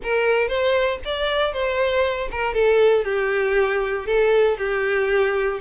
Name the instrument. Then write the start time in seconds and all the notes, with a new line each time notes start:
violin
0.03 A#4
0.47 C5
1.04 D5
1.52 C5
2.31 A#4
2.54 A4
3.04 G4
4.06 A4
4.58 G4